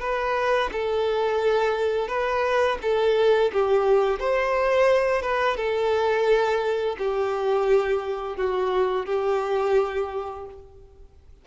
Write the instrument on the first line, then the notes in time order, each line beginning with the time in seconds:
violin
0.00 B4
0.72 A4
2.08 B4
2.82 A4
3.53 G4
4.20 C5
5.22 B4
5.57 A4
6.98 G4
8.37 F#4
9.06 G4